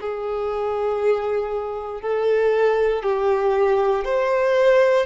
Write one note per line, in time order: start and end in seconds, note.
0.00 2.01 G#4
2.01 3.03 A4
3.03 4.04 G4
4.04 5.06 C5